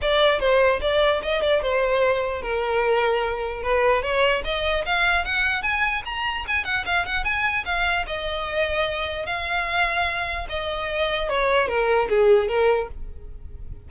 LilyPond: \new Staff \with { instrumentName = "violin" } { \time 4/4 \tempo 4 = 149 d''4 c''4 d''4 dis''8 d''8 | c''2 ais'2~ | ais'4 b'4 cis''4 dis''4 | f''4 fis''4 gis''4 ais''4 |
gis''8 fis''8 f''8 fis''8 gis''4 f''4 | dis''2. f''4~ | f''2 dis''2 | cis''4 ais'4 gis'4 ais'4 | }